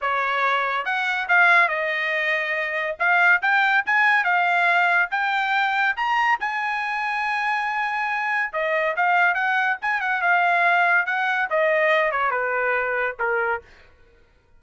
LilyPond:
\new Staff \with { instrumentName = "trumpet" } { \time 4/4 \tempo 4 = 141 cis''2 fis''4 f''4 | dis''2. f''4 | g''4 gis''4 f''2 | g''2 ais''4 gis''4~ |
gis''1 | dis''4 f''4 fis''4 gis''8 fis''8 | f''2 fis''4 dis''4~ | dis''8 cis''8 b'2 ais'4 | }